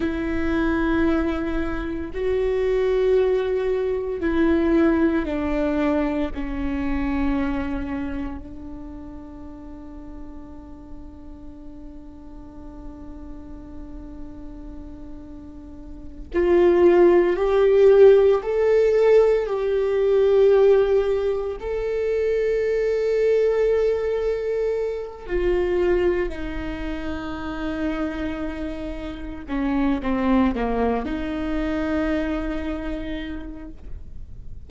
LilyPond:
\new Staff \with { instrumentName = "viola" } { \time 4/4 \tempo 4 = 57 e'2 fis'2 | e'4 d'4 cis'2 | d'1~ | d'2.~ d'8 f'8~ |
f'8 g'4 a'4 g'4.~ | g'8 a'2.~ a'8 | f'4 dis'2. | cis'8 c'8 ais8 dis'2~ dis'8 | }